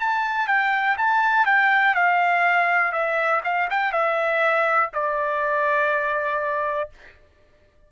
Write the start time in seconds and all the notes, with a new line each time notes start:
0.00 A5
0.47 G5
0.97 A5
1.46 G5
1.94 F5
2.92 E5
3.44 F5
3.70 G5
3.92 E5
4.93 D5